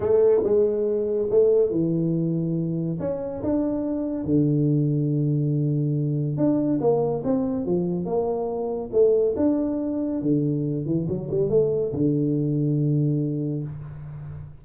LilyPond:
\new Staff \with { instrumentName = "tuba" } { \time 4/4 \tempo 4 = 141 a4 gis2 a4 | e2. cis'4 | d'2 d2~ | d2. d'4 |
ais4 c'4 f4 ais4~ | ais4 a4 d'2 | d4. e8 fis8 g8 a4 | d1 | }